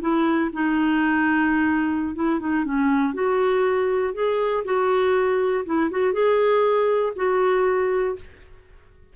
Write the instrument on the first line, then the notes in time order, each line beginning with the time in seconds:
clarinet
0.00 E4
0.53 D#4
2.14 E4
2.39 D#4
2.64 C#4
3.13 F#4
4.13 G#4
4.64 F#4
5.65 E4
5.90 F#4
6.13 G#4
7.15 F#4